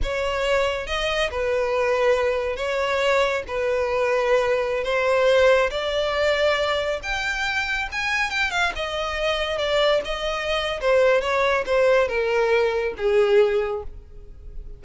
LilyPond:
\new Staff \with { instrumentName = "violin" } { \time 4/4 \tempo 4 = 139 cis''2 dis''4 b'4~ | b'2 cis''2 | b'2.~ b'16 c''8.~ | c''4~ c''16 d''2~ d''8.~ |
d''16 g''2 gis''4 g''8 f''16~ | f''16 dis''2 d''4 dis''8.~ | dis''4 c''4 cis''4 c''4 | ais'2 gis'2 | }